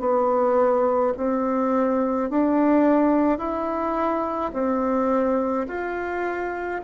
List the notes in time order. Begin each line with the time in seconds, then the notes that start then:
0.00 B3
1.17 C4
2.31 D4
3.39 E4
4.53 C4
5.68 F4